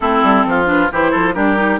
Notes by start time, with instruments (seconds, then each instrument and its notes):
0.00 bassoon A3, clarinet C4, oboe E4, flute A4
0.23 bassoon G3
0.45 bassoon F3, oboe F4
0.65 clarinet D4, flute B4
0.91 bassoon E3, clarinet E4, oboe G4, flute C5
1.11 bassoon F3, oboe A4
1.33 bassoon G3, clarinet D4, oboe G4, flute A#4
1.56 clarinet D#4